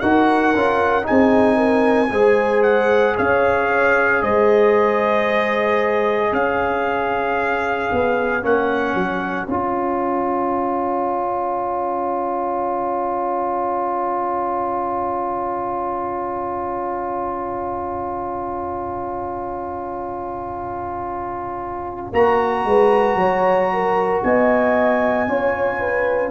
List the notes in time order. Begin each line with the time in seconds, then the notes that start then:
0.00 D#4 F#4 A#4 F#5
0.55 C#4 F4
1.03 D#4 G#4 G#5
1.11 C4
1.57 A#4
2.11 G#3 G#4 C5
2.63 F#5
3.16 C#4 C#5 F5
4.23 G#3 C5 D#5
6.32 C#4 C#5 F5
7.92 B3
8.42 A#3 C#4 F#5
8.95 F#3
9.47 C#4 F4 G#5
22.13 A#3 F#4 A#5
22.65 G#3 B4
23.15 F#3 C#5
23.73 A#4
24.23 B3 D#5 G#5
25.29 C#4 F4 C#5
25.80 B4